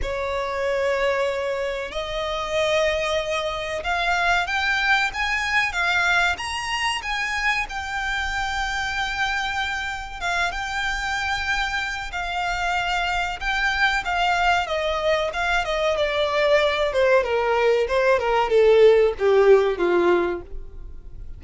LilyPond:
\new Staff \with { instrumentName = "violin" } { \time 4/4 \tempo 4 = 94 cis''2. dis''4~ | dis''2 f''4 g''4 | gis''4 f''4 ais''4 gis''4 | g''1 |
f''8 g''2~ g''8 f''4~ | f''4 g''4 f''4 dis''4 | f''8 dis''8 d''4. c''8 ais'4 | c''8 ais'8 a'4 g'4 f'4 | }